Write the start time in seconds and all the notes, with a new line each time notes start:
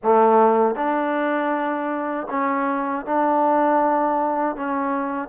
0.03 A3
0.75 D4
2.30 C#4
3.06 D4
4.56 C#4